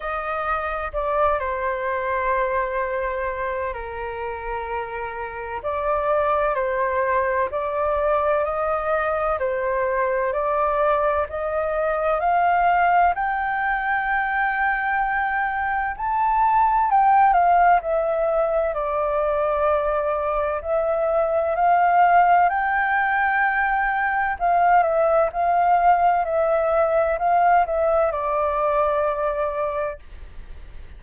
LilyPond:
\new Staff \with { instrumentName = "flute" } { \time 4/4 \tempo 4 = 64 dis''4 d''8 c''2~ c''8 | ais'2 d''4 c''4 | d''4 dis''4 c''4 d''4 | dis''4 f''4 g''2~ |
g''4 a''4 g''8 f''8 e''4 | d''2 e''4 f''4 | g''2 f''8 e''8 f''4 | e''4 f''8 e''8 d''2 | }